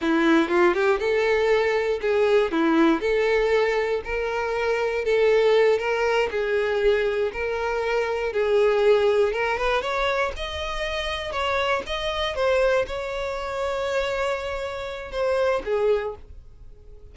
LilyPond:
\new Staff \with { instrumentName = "violin" } { \time 4/4 \tempo 4 = 119 e'4 f'8 g'8 a'2 | gis'4 e'4 a'2 | ais'2 a'4. ais'8~ | ais'8 gis'2 ais'4.~ |
ais'8 gis'2 ais'8 b'8 cis''8~ | cis''8 dis''2 cis''4 dis''8~ | dis''8 c''4 cis''2~ cis''8~ | cis''2 c''4 gis'4 | }